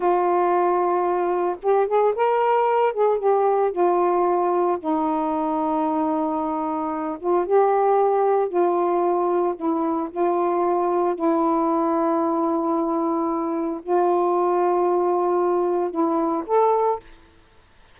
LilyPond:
\new Staff \with { instrumentName = "saxophone" } { \time 4/4 \tempo 4 = 113 f'2. g'8 gis'8 | ais'4. gis'8 g'4 f'4~ | f'4 dis'2.~ | dis'4. f'8 g'2 |
f'2 e'4 f'4~ | f'4 e'2.~ | e'2 f'2~ | f'2 e'4 a'4 | }